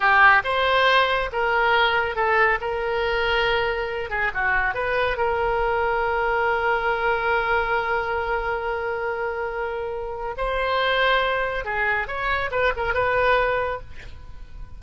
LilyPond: \new Staff \with { instrumentName = "oboe" } { \time 4/4 \tempo 4 = 139 g'4 c''2 ais'4~ | ais'4 a'4 ais'2~ | ais'4. gis'8 fis'4 b'4 | ais'1~ |
ais'1~ | ais'1 | c''2. gis'4 | cis''4 b'8 ais'8 b'2 | }